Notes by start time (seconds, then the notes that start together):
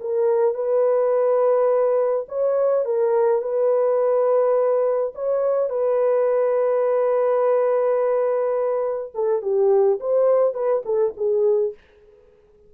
0.00 A#4
0.54 B4
2.28 C#5
2.85 A#4
3.42 B4
5.14 C#5
5.69 B4
9.14 A4
9.42 G4
10.00 C5
10.54 B4
10.85 A4
11.16 G#4